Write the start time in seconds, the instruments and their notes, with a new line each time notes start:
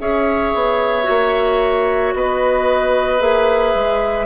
0.00 bassoon C#4, clarinet G#4, oboe C#5, flute E5
0.54 bassoon B3
1.04 bassoon A#3, clarinet F#4
2.14 bassoon B3, oboe B4, flute D#5
3.19 bassoon A#3, clarinet G#4, flute E5
3.75 bassoon G#3